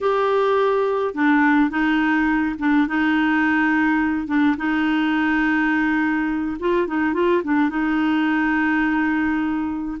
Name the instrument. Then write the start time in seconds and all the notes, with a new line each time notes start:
clarinet
0.00 G4
1.14 D4
1.70 D#4
2.58 D4
2.87 D#4
4.27 D4
4.57 D#4
6.59 F4
6.87 D#4
7.13 F4
7.43 D4
7.69 D#4